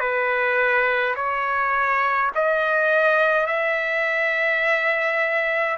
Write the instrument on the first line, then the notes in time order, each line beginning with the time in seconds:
trumpet
0.00 B4
1.16 C#5
2.35 D#5
3.47 E5